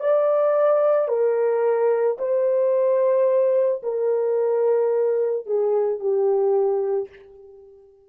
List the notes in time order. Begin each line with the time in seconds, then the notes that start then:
0.00 D5
1.08 A#4
2.18 C5
3.82 A#4
5.45 G#4
6.00 G4